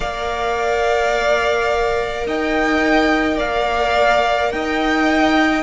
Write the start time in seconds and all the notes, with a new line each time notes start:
0.00 A#3 A#4 D5 F5
2.26 D#4 D#5 G5
3.36 A#3 D5 F5
4.51 D#4 D#5 G5